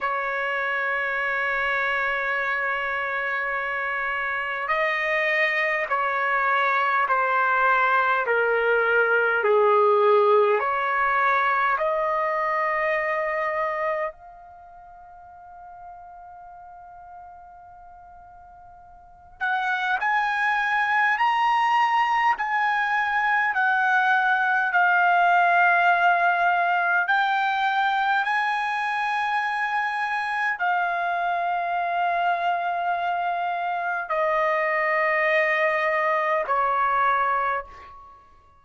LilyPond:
\new Staff \with { instrumentName = "trumpet" } { \time 4/4 \tempo 4 = 51 cis''1 | dis''4 cis''4 c''4 ais'4 | gis'4 cis''4 dis''2 | f''1~ |
f''8 fis''8 gis''4 ais''4 gis''4 | fis''4 f''2 g''4 | gis''2 f''2~ | f''4 dis''2 cis''4 | }